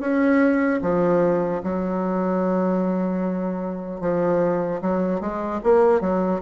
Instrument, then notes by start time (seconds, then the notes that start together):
bassoon
0.00 C#4
0.81 F3
1.63 F#3
4.00 F3
4.81 F#3
5.20 G#3
5.63 A#3
6.00 F#3